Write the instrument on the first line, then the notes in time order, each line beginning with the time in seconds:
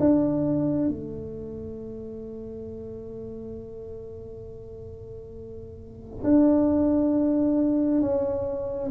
tuba
0.00 D4
0.89 A3
6.24 D4
8.01 C#4